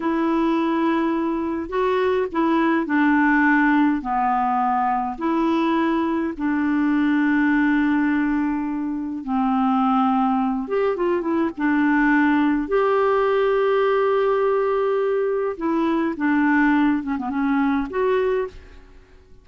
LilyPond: \new Staff \with { instrumentName = "clarinet" } { \time 4/4 \tempo 4 = 104 e'2. fis'4 | e'4 d'2 b4~ | b4 e'2 d'4~ | d'1 |
c'2~ c'8 g'8 f'8 e'8 | d'2 g'2~ | g'2. e'4 | d'4. cis'16 b16 cis'4 fis'4 | }